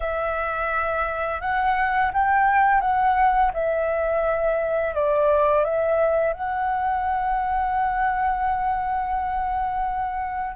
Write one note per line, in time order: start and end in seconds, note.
0.00 1.41 E5
1.41 2.11 F#5
2.13 2.80 G5
2.80 3.51 F#5
3.53 4.94 E5
4.94 5.64 D5
5.64 6.33 E5
6.33 10.55 F#5